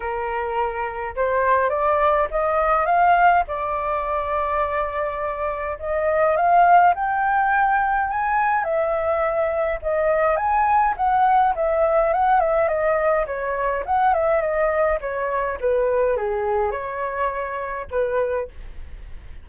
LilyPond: \new Staff \with { instrumentName = "flute" } { \time 4/4 \tempo 4 = 104 ais'2 c''4 d''4 | dis''4 f''4 d''2~ | d''2 dis''4 f''4 | g''2 gis''4 e''4~ |
e''4 dis''4 gis''4 fis''4 | e''4 fis''8 e''8 dis''4 cis''4 | fis''8 e''8 dis''4 cis''4 b'4 | gis'4 cis''2 b'4 | }